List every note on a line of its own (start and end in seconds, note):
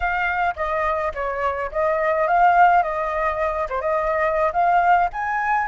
0.00 0.54 F5
0.56 1.12 D#5
1.14 1.71 C#5
1.71 2.27 D#5
2.27 2.82 F5
2.82 3.67 D#5
3.69 3.81 C5
3.81 4.52 D#5
4.52 5.09 F5
5.12 5.67 G#5